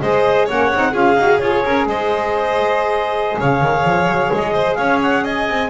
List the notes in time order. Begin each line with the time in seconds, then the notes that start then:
0.00 G#3 G#4 C5 D#5
0.46 A#3 C#4 C#5 F#5
0.73 C4 D#4
0.91 C#4 F4 G#4 F5
1.16 D#4 F#4
1.39 F4 G#4 C#5
1.65 C#4 A#4
1.86 G#3 C5 D#5
3.38 C#3 C#5 F5
3.62 D#3
3.84 F3
4.07 F#3
4.33 G#3 D#5
4.53 C5
4.75 C#4 C#5 F5
5.02 F#5
5.24 D#5 G#5
5.49 C4